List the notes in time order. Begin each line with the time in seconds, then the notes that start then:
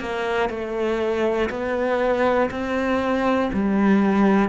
0.00 A#3
0.50 A3
1.50 B3
2.50 C4
3.53 G3